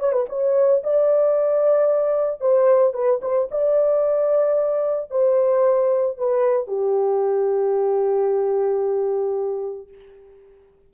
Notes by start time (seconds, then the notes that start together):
0.00 C#5
0.13 B4
0.29 C#5
0.84 D5
2.41 C5
2.94 B4
3.22 C5
3.51 D5
5.11 C5
6.18 B4
6.68 G4